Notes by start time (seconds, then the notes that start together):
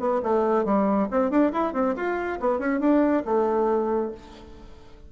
0.00 B3
0.23 A3
0.65 G3
1.11 C4
1.31 D4
1.53 E4
1.74 C4
1.96 F4
2.41 B3
2.59 C#4
2.81 D4
3.26 A3